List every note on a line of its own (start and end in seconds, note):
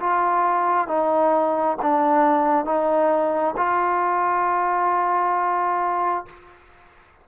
0.00 0.88 F4
0.88 1.77 D#4
1.82 2.65 D4
2.65 3.55 D#4
3.57 6.26 F4